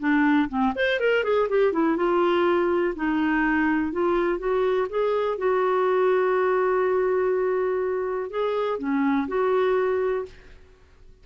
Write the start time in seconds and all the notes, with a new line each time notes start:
0.00 D4
0.49 C4
0.75 C5
1.00 A#4
1.24 G#4
1.49 G4
1.73 E4
1.97 F4
2.96 D#4
3.92 F4
4.39 F#4
4.89 G#4
5.38 F#4
8.30 G#4
8.79 C#4
9.28 F#4